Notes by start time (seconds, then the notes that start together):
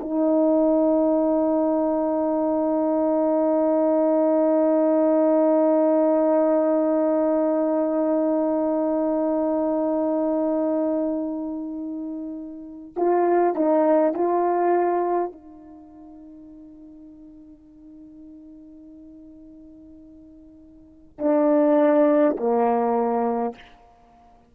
0.00 D#4
12.96 F4
13.55 D#4
14.14 F4
15.32 D#4
21.19 D4
22.37 A#3